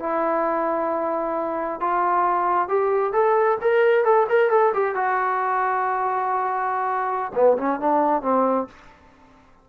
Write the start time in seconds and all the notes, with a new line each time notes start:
0.00 E4
1.81 F4
2.69 G4
3.13 A4
3.61 A#4
4.05 A4
4.29 A#4
4.50 A4
4.74 G4
4.96 F#4
7.35 B3
7.58 C#4
7.80 D4
8.22 C4